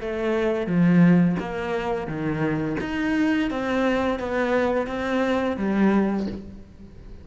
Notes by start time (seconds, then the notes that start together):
0.00 A3
0.67 F3
1.39 A#3
2.07 D#3
2.80 D#4
3.50 C4
4.19 B3
4.87 C4
5.57 G3